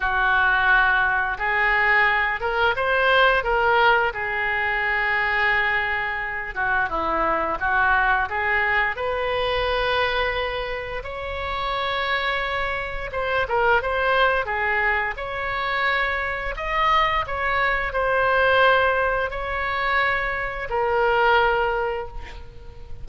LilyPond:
\new Staff \with { instrumentName = "oboe" } { \time 4/4 \tempo 4 = 87 fis'2 gis'4. ais'8 | c''4 ais'4 gis'2~ | gis'4. fis'8 e'4 fis'4 | gis'4 b'2. |
cis''2. c''8 ais'8 | c''4 gis'4 cis''2 | dis''4 cis''4 c''2 | cis''2 ais'2 | }